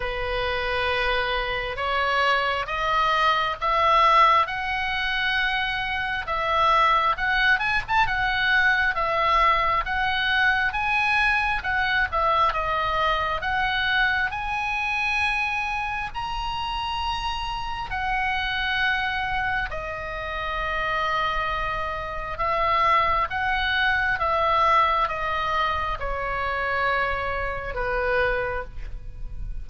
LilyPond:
\new Staff \with { instrumentName = "oboe" } { \time 4/4 \tempo 4 = 67 b'2 cis''4 dis''4 | e''4 fis''2 e''4 | fis''8 gis''16 a''16 fis''4 e''4 fis''4 | gis''4 fis''8 e''8 dis''4 fis''4 |
gis''2 ais''2 | fis''2 dis''2~ | dis''4 e''4 fis''4 e''4 | dis''4 cis''2 b'4 | }